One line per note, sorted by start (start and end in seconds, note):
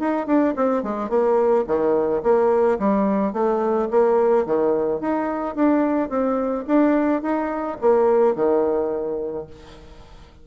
0.00 0.27 D#4
0.27 0.55 D4
0.57 0.84 C4
0.84 1.10 G#3
1.10 1.66 A#3
1.67 2.23 D#3
2.24 2.79 A#3
2.80 3.34 G3
3.34 3.89 A3
3.91 4.46 A#3
4.46 5.01 D#3
5.01 5.56 D#4
5.56 6.10 D4
6.10 6.66 C4
6.68 7.23 D4
7.23 7.78 D#4
7.81 8.36 A#3
8.36 9.47 D#3